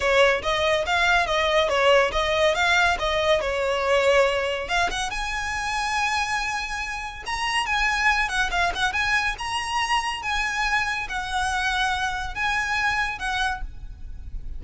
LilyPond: \new Staff \with { instrumentName = "violin" } { \time 4/4 \tempo 4 = 141 cis''4 dis''4 f''4 dis''4 | cis''4 dis''4 f''4 dis''4 | cis''2. f''8 fis''8 | gis''1~ |
gis''4 ais''4 gis''4. fis''8 | f''8 fis''8 gis''4 ais''2 | gis''2 fis''2~ | fis''4 gis''2 fis''4 | }